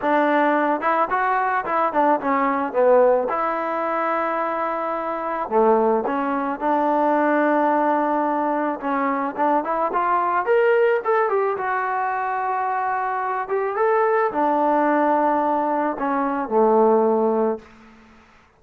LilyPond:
\new Staff \with { instrumentName = "trombone" } { \time 4/4 \tempo 4 = 109 d'4. e'8 fis'4 e'8 d'8 | cis'4 b4 e'2~ | e'2 a4 cis'4 | d'1 |
cis'4 d'8 e'8 f'4 ais'4 | a'8 g'8 fis'2.~ | fis'8 g'8 a'4 d'2~ | d'4 cis'4 a2 | }